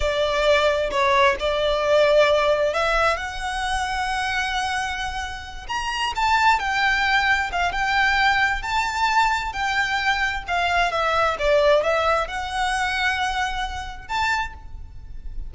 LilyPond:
\new Staff \with { instrumentName = "violin" } { \time 4/4 \tempo 4 = 132 d''2 cis''4 d''4~ | d''2 e''4 fis''4~ | fis''1~ | fis''8 ais''4 a''4 g''4.~ |
g''8 f''8 g''2 a''4~ | a''4 g''2 f''4 | e''4 d''4 e''4 fis''4~ | fis''2. a''4 | }